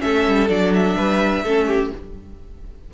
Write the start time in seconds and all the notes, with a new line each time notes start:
0.00 A3 C#4 A4 E5
0.28 G3
0.49 F#3 D4 D5
0.74 E5
0.97 G3 B4
1.44 A3 C#4 A4
1.67 G4